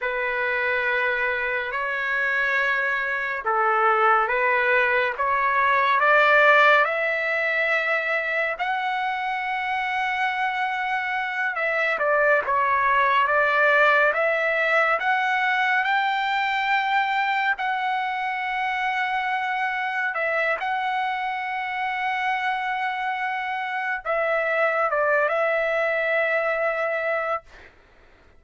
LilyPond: \new Staff \with { instrumentName = "trumpet" } { \time 4/4 \tempo 4 = 70 b'2 cis''2 | a'4 b'4 cis''4 d''4 | e''2 fis''2~ | fis''4. e''8 d''8 cis''4 d''8~ |
d''8 e''4 fis''4 g''4.~ | g''8 fis''2. e''8 | fis''1 | e''4 d''8 e''2~ e''8 | }